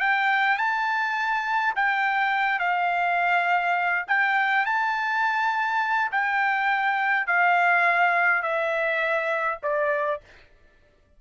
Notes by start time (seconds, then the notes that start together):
0.00 G5
0.58 A5
1.76 G5
2.59 F5
4.08 G5
4.66 A5
6.12 G5
7.27 F5
8.42 E5
9.63 D5